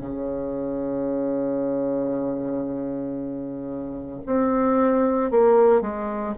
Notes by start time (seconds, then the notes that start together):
0.00 C#3
4.26 C4
5.31 A#3
5.81 G#3